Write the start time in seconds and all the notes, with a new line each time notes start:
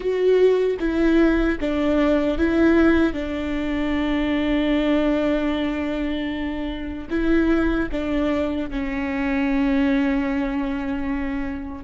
0.00 F#4
0.79 E4
1.60 D4
2.38 E4
3.13 D4
7.10 E4
7.91 D4
8.70 C#4